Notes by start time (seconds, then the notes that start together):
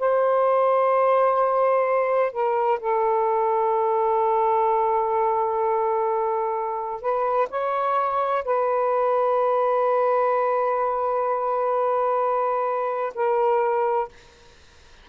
0.00 C5
2.33 A#4
2.80 A4
7.02 B4
7.50 C#5
8.45 B4
13.15 A#4